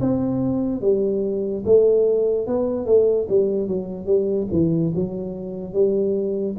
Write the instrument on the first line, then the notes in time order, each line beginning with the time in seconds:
tuba
0.00 C4
0.81 G3
1.65 A3
2.46 B3
2.86 A3
3.29 G3
3.67 F#3
4.06 G3
4.51 E3
4.95 F#3
5.73 G3